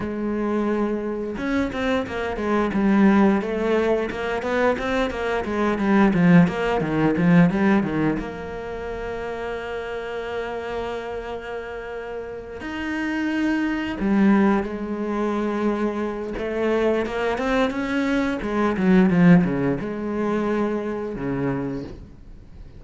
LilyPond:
\new Staff \with { instrumentName = "cello" } { \time 4/4 \tempo 4 = 88 gis2 cis'8 c'8 ais8 gis8 | g4 a4 ais8 b8 c'8 ais8 | gis8 g8 f8 ais8 dis8 f8 g8 dis8 | ais1~ |
ais2~ ais8 dis'4.~ | dis'8 g4 gis2~ gis8 | a4 ais8 c'8 cis'4 gis8 fis8 | f8 cis8 gis2 cis4 | }